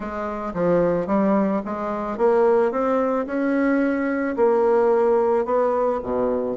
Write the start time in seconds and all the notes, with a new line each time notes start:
0.00 G#3
0.53 F3
1.07 G3
1.65 G#3
2.17 A#3
2.71 C4
3.26 C#4
4.36 A#3
5.45 B3
6.03 B2